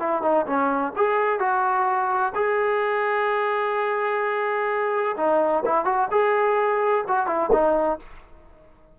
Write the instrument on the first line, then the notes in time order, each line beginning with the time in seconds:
trombone
0.00 E4
0.23 D#4
0.47 C#4
0.97 G#4
1.40 F#4
2.35 G#4
5.18 D#4
5.66 E4
5.85 F#4
6.12 G#4
7.08 F#4
7.27 E4
7.53 D#4